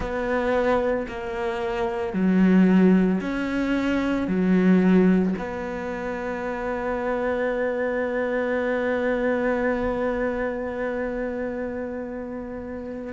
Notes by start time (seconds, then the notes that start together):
0.00 B3
1.08 A#3
2.13 F#3
3.20 C#4
4.27 F#3
5.38 B3